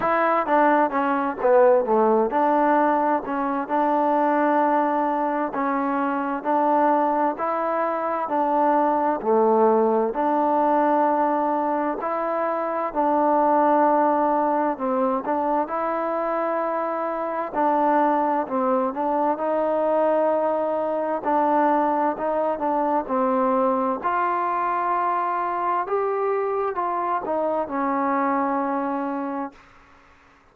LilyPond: \new Staff \with { instrumentName = "trombone" } { \time 4/4 \tempo 4 = 65 e'8 d'8 cis'8 b8 a8 d'4 cis'8 | d'2 cis'4 d'4 | e'4 d'4 a4 d'4~ | d'4 e'4 d'2 |
c'8 d'8 e'2 d'4 | c'8 d'8 dis'2 d'4 | dis'8 d'8 c'4 f'2 | g'4 f'8 dis'8 cis'2 | }